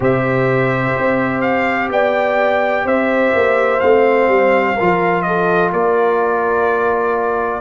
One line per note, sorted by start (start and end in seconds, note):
0.00 0.92 C3
0.00 3.79 G4
0.00 1.90 C5
0.00 1.41 E5
0.97 1.89 C4
1.41 1.88 F5
1.89 2.84 B3
1.89 2.85 D5
1.89 2.87 G5
2.85 3.32 C4
2.85 4.75 C5
2.85 3.80 E5
3.34 3.82 A#3
3.80 4.28 A3
3.80 4.77 C4
3.80 5.21 F5
4.28 4.75 G3
4.75 5.72 F3
4.75 7.60 F4
4.75 5.23 A#4
5.21 5.72 A4
5.21 5.69 D#5
5.72 7.60 A#3
5.72 7.60 A#4
5.72 7.60 D5